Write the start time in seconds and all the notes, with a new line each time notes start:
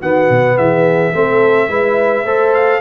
0.00 D#3 B3 F#4 F#5
0.30 B2
0.58 E3 G#4 E5
1.13 A3 C4 A4
1.69 G#3 E4 B4
2.24 A3 A4 C5
2.54 F5